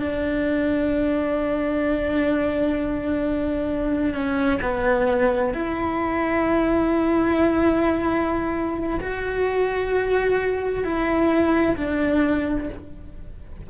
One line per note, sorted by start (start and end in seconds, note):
0.00 4.15 D4
4.15 4.61 C#4
4.62 5.54 B3
5.54 9.00 E4
9.00 10.85 F#4
10.85 11.77 E4
11.77 12.69 D4